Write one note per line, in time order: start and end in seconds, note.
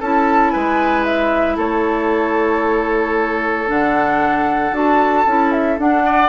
0.00 0.54 C#4
0.00 3.67 E4
0.00 0.53 A4
0.00 0.51 A5
0.51 1.58 G#3
0.51 1.56 B4
0.51 1.04 G#5
1.04 1.57 E5
1.56 3.68 A3
1.56 6.04 A4
1.56 3.69 C#5
3.67 4.72 D3
3.67 4.72 D4
3.67 4.75 F#5
4.72 5.25 D4
4.72 5.25 F#4
4.72 5.52 A5
5.26 5.79 C#4
5.26 5.78 E4
5.52 5.78 E5
5.78 6.29 D4
5.78 6.29 F#5
6.05 6.29 D5